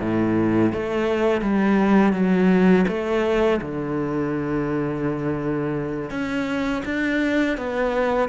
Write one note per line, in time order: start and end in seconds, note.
0.00 0.72 A2
0.73 1.41 A3
1.41 2.13 G3
2.13 2.85 F#3
2.88 3.60 A3
3.61 6.10 D3
6.10 6.82 C#4
6.85 7.57 D4
7.57 8.29 B3